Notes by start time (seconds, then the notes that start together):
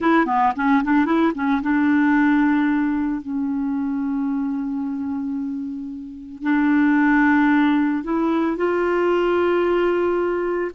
0.00 E4
0.26 B3
0.56 C#4
0.83 D4
1.05 E4
1.34 C#4
1.61 D4
3.21 C#4
6.43 D4
8.03 E4
8.56 F4